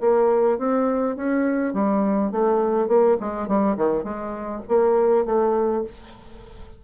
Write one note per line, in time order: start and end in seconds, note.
0.00 0.58 A#3
0.58 1.16 C4
1.16 1.73 C#4
1.73 2.31 G3
2.31 2.88 A3
2.88 3.17 A#3
3.20 3.47 G#3
3.47 3.77 G3
3.77 4.04 D#3
4.04 4.62 G#3
4.68 5.25 A#3
5.25 5.84 A3